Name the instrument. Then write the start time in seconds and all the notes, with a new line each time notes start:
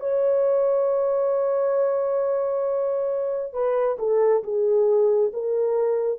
horn
0.00 C#5
3.53 B4
3.99 A4
4.44 G#4
5.33 A#4